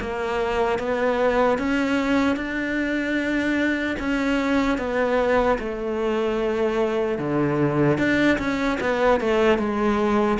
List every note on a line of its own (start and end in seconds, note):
0.00 0.79 A#3
0.79 1.58 B3
1.58 2.36 C#4
2.36 3.96 D4
3.99 4.78 C#4
4.78 5.58 B3
5.59 7.18 A3
7.18 7.98 D3
7.98 8.38 D4
8.38 8.78 C#4
8.80 9.20 B3
9.20 9.58 A3
9.58 10.38 G#3